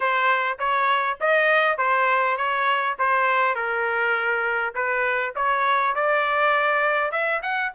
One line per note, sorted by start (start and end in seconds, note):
0.00 0.58 C5
0.58 1.18 C#5
1.20 1.77 D#5
1.77 2.37 C5
2.37 2.96 C#5
2.98 3.55 C5
3.55 4.74 A#4
4.74 5.34 B4
5.35 5.95 C#5
5.95 7.11 D5
7.11 7.41 E5
7.42 7.71 F#5